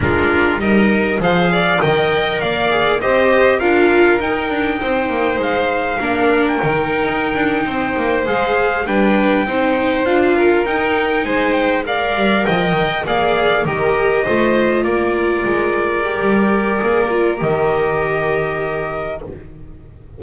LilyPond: <<
  \new Staff \with { instrumentName = "trumpet" } { \time 4/4 \tempo 4 = 100 ais'4 dis''4 f''4 g''4 | f''4 dis''4 f''4 g''4~ | g''4 f''4.~ f''16 g''4~ g''16~ | g''4.~ g''16 f''4 g''4~ g''16~ |
g''8. f''4 g''4 gis''8 g''8 f''16~ | f''8. g''4 f''4 dis''4~ dis''16~ | dis''8. d''2.~ d''16~ | d''4 dis''2. | }
  \new Staff \with { instrumentName = "violin" } { \time 4/4 f'4 ais'4 c''8 d''8 dis''4 | d''4 c''4 ais'2 | c''2 ais'2~ | ais'8. c''2 b'4 c''16~ |
c''4~ c''16 ais'4. c''4 d''16~ | d''8. dis''4 d''4 ais'4 c''16~ | c''8. ais'2.~ ais'16~ | ais'1 | }
  \new Staff \with { instrumentName = "viola" } { \time 4/4 d'4 dis'4 gis'4 ais'4~ | ais'8 gis'8 g'4 f'4 dis'4~ | dis'2 d'4 dis'4~ | dis'4.~ dis'16 gis'4 d'4 dis'16~ |
dis'8. f'4 dis'2 ais'16~ | ais'4.~ ais'16 gis'4 g'4 f'16~ | f'2~ f'8. g'4~ g'16 | gis'8 f'8 g'2. | }
  \new Staff \with { instrumentName = "double bass" } { \time 4/4 gis4 g4 f4 dis4 | ais4 c'4 d'4 dis'8 d'8 | c'8 ais8 gis4 ais4 dis8. dis'16~ | dis'16 d'8 c'8 ais8 gis4 g4 c'16~ |
c'8. d'4 dis'4 gis4~ gis16~ | gis16 g8 f8 dis8 ais4 dis4 a16~ | a8. ais4 gis4~ gis16 g4 | ais4 dis2. | }
>>